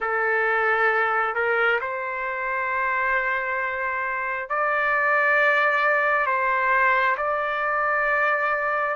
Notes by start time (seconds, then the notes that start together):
0.00 A4
1.34 A#4
1.80 C5
4.49 D5
6.26 C5
7.17 D5